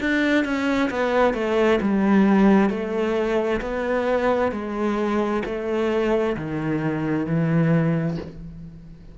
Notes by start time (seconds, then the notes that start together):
0.00 D4
0.44 C#4
0.90 B3
1.33 A3
1.81 G3
2.69 A3
3.60 B3
4.52 G#3
5.45 A3
6.36 D#3
7.26 E3